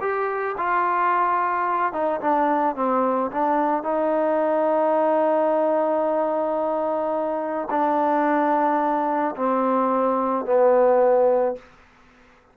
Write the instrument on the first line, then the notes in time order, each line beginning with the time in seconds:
trombone
0.00 G4
0.57 F4
1.92 D#4
2.20 D4
2.75 C4
3.31 D4
3.83 D#4
7.70 D4
9.36 C4
10.45 B3